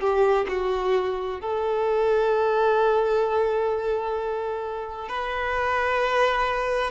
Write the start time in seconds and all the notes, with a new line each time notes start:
0.00 G4
0.48 F#4
1.41 A4
5.09 B4